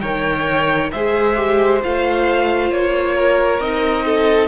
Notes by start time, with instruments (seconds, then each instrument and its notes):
0.00 cello D#3, viola A#4, violin C#5 G5
0.92 cello G#3, viola G#4, violin C5 E5
1.36 viola G4
1.83 cello A3, viola F4, violin F5
2.71 cello A#3, violin C#5
3.15 violin A#4
3.60 cello C4, viola D#4, violin D#5
4.05 violin A4